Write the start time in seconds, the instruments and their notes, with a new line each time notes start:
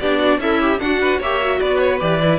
0.00 cello B3, viola D4, violin G4 D5
0.19 violin F#4
0.38 cello C#4, violin E4 E5, viola A4
0.61 viola G4
0.79 violin D4 F#5, cello D4, viola F#4
1.01 violin B4
1.19 cello A#3, viola G4, violin C#5 E5
1.42 viola F#4
1.61 cello B3, violin B4 D5
1.79 violin C#5
2.00 cello E3, viola G4, violin D5
2.22 viola E4